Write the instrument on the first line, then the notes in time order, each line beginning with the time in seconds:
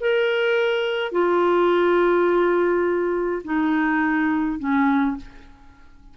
clarinet
0.00 A#4
1.11 F4
3.44 D#4
4.59 C#4